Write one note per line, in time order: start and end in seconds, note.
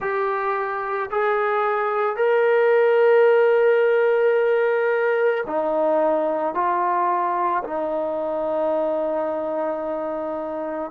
0.00 1.10 G4
1.11 2.16 G#4
2.16 5.43 A#4
5.46 6.54 D#4
6.54 7.63 F4
7.64 10.91 D#4